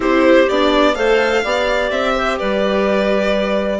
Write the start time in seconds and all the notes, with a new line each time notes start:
0.00 C4 E4 G4 C5
0.48 B3 D4 D5
0.94 A3 A4 C5 F5
1.43 B3 G4 D5
1.90 C4 E5
2.15 C5
2.38 G3 B4 D5